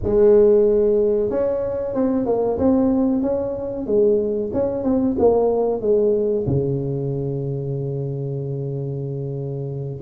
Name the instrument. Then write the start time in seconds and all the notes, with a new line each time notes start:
tuba
0.03 G#3
1.30 C#4
1.94 C4
2.26 A#3
2.58 C4
3.22 C#4
3.86 G#3
4.53 C#4
4.83 C4
5.18 A#3
5.81 G#3
6.46 C#3